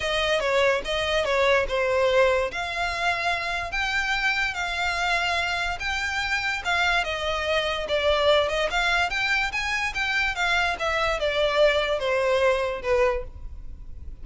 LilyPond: \new Staff \with { instrumentName = "violin" } { \time 4/4 \tempo 4 = 145 dis''4 cis''4 dis''4 cis''4 | c''2 f''2~ | f''4 g''2 f''4~ | f''2 g''2 |
f''4 dis''2 d''4~ | d''8 dis''8 f''4 g''4 gis''4 | g''4 f''4 e''4 d''4~ | d''4 c''2 b'4 | }